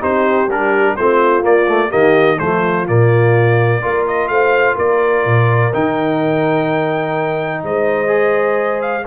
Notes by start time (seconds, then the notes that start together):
0.00 C4 D#4 G4 C5
0.47 G3 D4 A#4
0.96 A3 C4 F4 C5
1.42 A#3 D5
1.68 A3
1.89 D#3 A#3 G4 D#5
2.38 F3 A3 F4 C5
2.86 A#2 A#3 D5
3.82 A#3 F4 A#4
4.07 D#5
4.28 A3 C5 F5
4.75 A#3 A#4 D5
5.25 A#2
5.73 D#3 D#4 G5
7.63 G#3 C5 D#5
8.07 G#4
8.81 F5